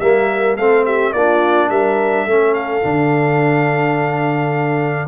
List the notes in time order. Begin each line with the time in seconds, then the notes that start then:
0.00 G3 A#3 A#4 E5
0.56 A3 C4 A4 F5
0.85 G4 E5
1.13 A#3 D4 F4 D5
1.70 G3 A#4 E5
2.26 A3 C#4 A4
2.54 F5
2.83 D3 D4